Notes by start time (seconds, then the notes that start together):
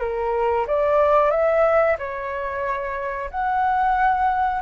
0.00 A#4
0.66 D5
1.30 E5
1.98 C#5
3.30 F#5